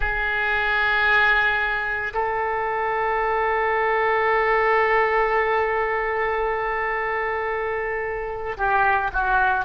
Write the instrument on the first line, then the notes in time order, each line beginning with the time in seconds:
oboe
0.00 G#4
2.13 A4
8.57 G4
9.13 F#4